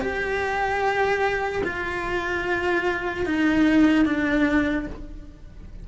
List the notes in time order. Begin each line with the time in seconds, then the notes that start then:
0.00 G4
1.63 F4
3.25 D#4
4.05 D4